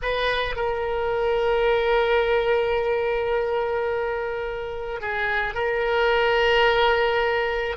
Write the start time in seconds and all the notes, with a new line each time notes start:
0.02 B4
0.56 A#4
5.01 G#4
5.54 A#4